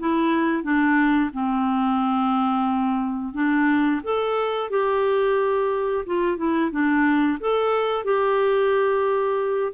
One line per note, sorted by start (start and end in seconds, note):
0.00 0.64 E4
0.64 1.31 D4
1.34 3.34 C4
3.34 4.01 D4
4.04 4.71 A4
4.71 6.06 G4
6.06 6.37 F4
6.37 6.71 E4
6.72 7.39 D4
7.41 8.05 A4
8.05 9.74 G4